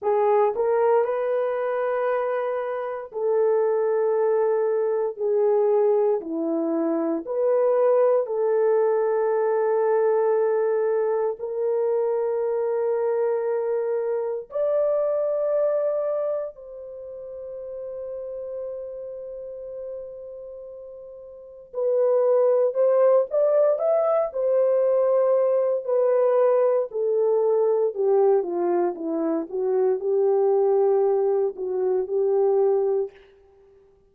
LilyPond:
\new Staff \with { instrumentName = "horn" } { \time 4/4 \tempo 4 = 58 gis'8 ais'8 b'2 a'4~ | a'4 gis'4 e'4 b'4 | a'2. ais'4~ | ais'2 d''2 |
c''1~ | c''4 b'4 c''8 d''8 e''8 c''8~ | c''4 b'4 a'4 g'8 f'8 | e'8 fis'8 g'4. fis'8 g'4 | }